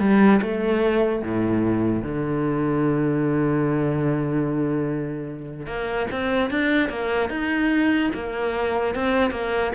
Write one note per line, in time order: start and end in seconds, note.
0.00 0.41 G3
0.42 1.23 A3
1.23 2.03 A2
2.03 5.66 D3
5.66 6.07 A#3
6.11 6.51 C4
6.51 6.90 D4
6.90 7.30 A#3
7.30 8.11 D#4
8.14 8.95 A#3
8.95 9.31 C4
9.31 9.72 A#3